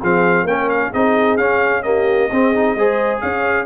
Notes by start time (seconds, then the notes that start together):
0.00 F3 C4 G#4 F5
0.43 A#3 C#4 G5
0.50 A#4
0.69 F5
0.90 C4 D#4 G#4 D#5
1.37 C#4 F5
1.82 A#3 G4 D#5
2.31 C4 G#4
2.54 D#4
2.75 G#3 G#4 C5
3.20 C#4 C#5 F5